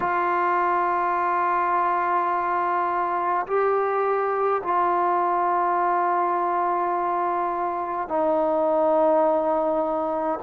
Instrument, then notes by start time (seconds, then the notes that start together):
trombone
0.00 F4
3.46 G4
4.63 F4
8.08 D#4